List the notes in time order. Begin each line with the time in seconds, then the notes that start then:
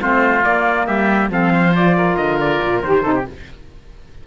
0.00 A3 C4 F4 C5
0.43 A#3 D5
0.86 G3 G4 E5
1.29 F3 C4 A4 F5
1.52 C5
1.75 F4 D5
1.96 A#4
2.16 D3 D#5
2.40 D5
2.62 A#2
2.82 D#3 G4 C5
3.02 C3 D#4 A4
3.15 G4